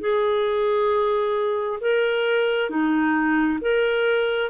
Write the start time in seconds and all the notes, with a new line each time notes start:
0.00 G#4
1.80 A#4
2.69 D#4
3.61 A#4